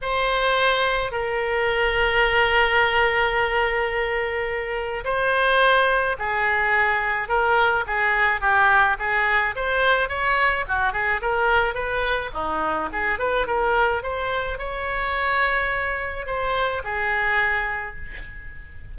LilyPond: \new Staff \with { instrumentName = "oboe" } { \time 4/4 \tempo 4 = 107 c''2 ais'2~ | ais'1~ | ais'4 c''2 gis'4~ | gis'4 ais'4 gis'4 g'4 |
gis'4 c''4 cis''4 fis'8 gis'8 | ais'4 b'4 dis'4 gis'8 b'8 | ais'4 c''4 cis''2~ | cis''4 c''4 gis'2 | }